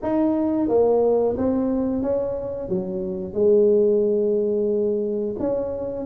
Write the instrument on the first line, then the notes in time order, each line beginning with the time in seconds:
tuba
0.02 D#4
0.68 A#3
1.37 C4
2.02 C#4
2.68 F#3
3.33 G#3
5.39 C#4